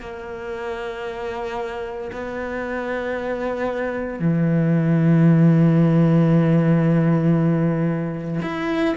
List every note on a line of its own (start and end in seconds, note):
0.00 2.11 A#3
2.12 4.19 B3
4.19 8.40 E3
8.42 8.94 E4